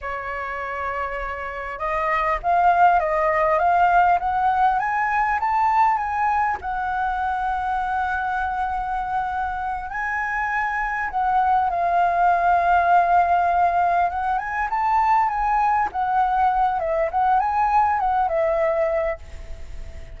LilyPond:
\new Staff \with { instrumentName = "flute" } { \time 4/4 \tempo 4 = 100 cis''2. dis''4 | f''4 dis''4 f''4 fis''4 | gis''4 a''4 gis''4 fis''4~ | fis''1~ |
fis''8 gis''2 fis''4 f''8~ | f''2.~ f''8 fis''8 | gis''8 a''4 gis''4 fis''4. | e''8 fis''8 gis''4 fis''8 e''4. | }